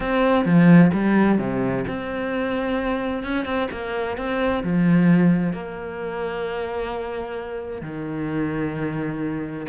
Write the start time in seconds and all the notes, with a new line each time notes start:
0.00 C4
0.45 F3
0.93 G3
1.38 C3
1.87 C4
3.23 C#4
3.45 C4
3.71 A#3
4.17 C4
4.63 F3
5.52 A#3
7.81 D#3